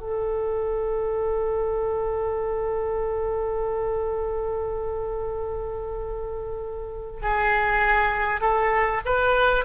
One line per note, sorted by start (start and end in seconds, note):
0.00 7.20 A4
7.22 8.41 G#4
8.41 9.01 A4
9.05 9.65 B4